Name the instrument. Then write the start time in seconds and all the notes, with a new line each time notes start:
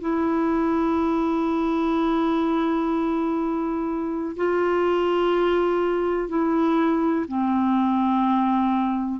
clarinet
0.00 E4
4.36 F4
6.29 E4
7.28 C4